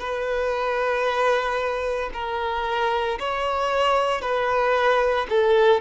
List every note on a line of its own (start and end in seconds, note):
0.00 2.11 B4
2.14 3.19 A#4
3.20 4.22 C#5
4.22 5.27 B4
5.30 5.81 A4